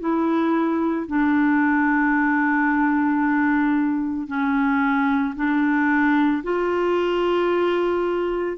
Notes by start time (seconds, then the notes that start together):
0.00 E4
1.07 D4
4.27 C#4
5.36 D4
6.43 F4